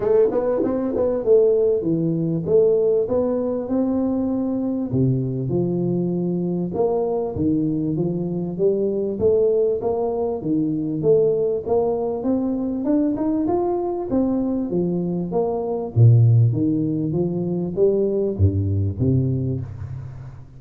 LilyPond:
\new Staff \with { instrumentName = "tuba" } { \time 4/4 \tempo 4 = 98 a8 b8 c'8 b8 a4 e4 | a4 b4 c'2 | c4 f2 ais4 | dis4 f4 g4 a4 |
ais4 dis4 a4 ais4 | c'4 d'8 dis'8 f'4 c'4 | f4 ais4 ais,4 dis4 | f4 g4 g,4 c4 | }